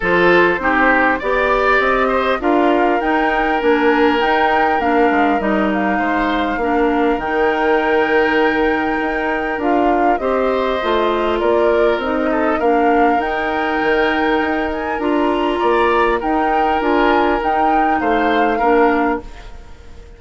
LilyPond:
<<
  \new Staff \with { instrumentName = "flute" } { \time 4/4 \tempo 4 = 100 c''2 d''4 dis''4 | f''4 g''4 gis''4 g''4 | f''4 dis''8 f''2~ f''8 | g''1 |
f''4 dis''2 d''4 | dis''4 f''4 g''2~ | g''8 gis''8 ais''2 g''4 | gis''4 g''4 f''2 | }
  \new Staff \with { instrumentName = "oboe" } { \time 4/4 a'4 g'4 d''4. c''8 | ais'1~ | ais'2 c''4 ais'4~ | ais'1~ |
ais'4 c''2 ais'4~ | ais'8 a'8 ais'2.~ | ais'2 d''4 ais'4~ | ais'2 c''4 ais'4 | }
  \new Staff \with { instrumentName = "clarinet" } { \time 4/4 f'4 dis'4 g'2 | f'4 dis'4 d'4 dis'4 | d'4 dis'2 d'4 | dis'1 |
f'4 g'4 f'2 | dis'4 d'4 dis'2~ | dis'4 f'2 dis'4 | f'4 dis'2 d'4 | }
  \new Staff \with { instrumentName = "bassoon" } { \time 4/4 f4 c'4 b4 c'4 | d'4 dis'4 ais4 dis'4 | ais8 gis8 g4 gis4 ais4 | dis2. dis'4 |
d'4 c'4 a4 ais4 | c'4 ais4 dis'4 dis4 | dis'4 d'4 ais4 dis'4 | d'4 dis'4 a4 ais4 | }
>>